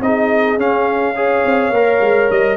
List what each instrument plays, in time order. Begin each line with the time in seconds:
0.00 tuba C4, trombone D#4, horn G#4, trumpet D#5
0.57 tuba C#4, trombone C#4, trumpet F5
1.15 trombone G#4, horn C#5
1.45 tuba C4
1.70 tuba A#3, trombone A#4
2.01 tuba G#3
2.30 tuba G3, trumpet D#5